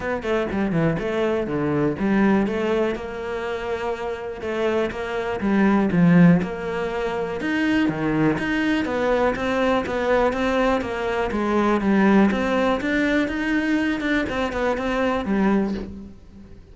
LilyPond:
\new Staff \with { instrumentName = "cello" } { \time 4/4 \tempo 4 = 122 b8 a8 g8 e8 a4 d4 | g4 a4 ais2~ | ais4 a4 ais4 g4 | f4 ais2 dis'4 |
dis4 dis'4 b4 c'4 | b4 c'4 ais4 gis4 | g4 c'4 d'4 dis'4~ | dis'8 d'8 c'8 b8 c'4 g4 | }